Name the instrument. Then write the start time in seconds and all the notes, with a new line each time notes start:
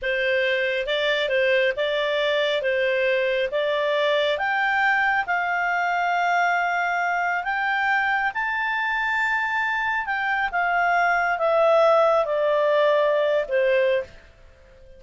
clarinet
0.02 C5
0.86 D5
1.28 C5
1.76 D5
2.61 C5
3.51 D5
4.37 G5
5.26 F5
7.44 G5
8.34 A5
10.06 G5
10.51 F5
11.38 E5
12.25 D5
13.48 C5